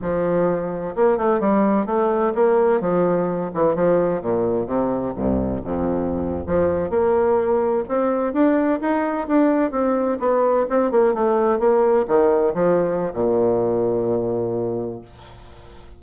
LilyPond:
\new Staff \with { instrumentName = "bassoon" } { \time 4/4 \tempo 4 = 128 f2 ais8 a8 g4 | a4 ais4 f4. e8 | f4 ais,4 c4 c,4 | f,4.~ f,16 f4 ais4~ ais16~ |
ais8. c'4 d'4 dis'4 d'16~ | d'8. c'4 b4 c'8 ais8 a16~ | a8. ais4 dis4 f4~ f16 | ais,1 | }